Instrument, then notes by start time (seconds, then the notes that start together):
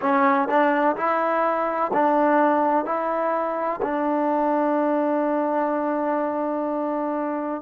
trombone
0.01 C#4
0.48 D4
0.96 E4
1.93 D4
2.85 E4
3.81 D4